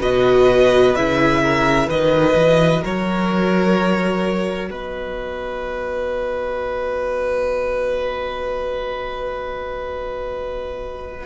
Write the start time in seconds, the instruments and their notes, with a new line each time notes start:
0.00 cello B2, viola F#4, violin B4 D#5
0.95 cello C#3, viola E4, violin E5
1.43 violin A#4
1.88 cello D#3, viola F#4, violin B4 D#5
2.36 cello E3
2.81 cello F#3, violin A#4 C#5
4.70 cello B3, violin B4 D#5